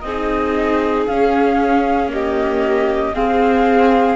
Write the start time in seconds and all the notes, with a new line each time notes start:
0.00 C4 G#4 D#5
0.07 D#4
1.06 C#4 F5
2.08 A#3 G4 D#5
3.14 C4 G#4 F5